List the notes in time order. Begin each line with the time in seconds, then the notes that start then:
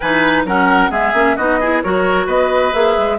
0.00 E3 D#4 B4 G#5
0.44 F#3 C#4 A#4 F#5
0.90 G#3 B3 G#4 E5
1.13 A#3 C#4
1.36 B3 D#4 F#4 D#5
1.60 E4 G#4
1.82 F#3 F#4 A#4 C#5
2.26 B3 B4 D#5
2.72 A#3 G#4 E5
2.97 G#3